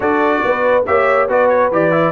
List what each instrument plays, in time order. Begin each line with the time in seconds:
0.00 tuba D4, trombone F#4, horn A4, trumpet D5
0.44 tuba B3, horn B4
0.86 tuba A#3, trombone G4, horn C#5, trumpet E5
1.27 tuba B3, trombone F#4, horn B4, trumpet D5
1.48 trumpet C#5
1.71 tuba E3, trombone G4, trumpet D5
1.91 trombone E4